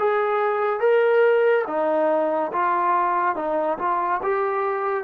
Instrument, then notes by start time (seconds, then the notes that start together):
trombone
0.00 G#4
0.81 A#4
1.67 D#4
2.53 F4
3.36 D#4
3.79 F4
4.23 G4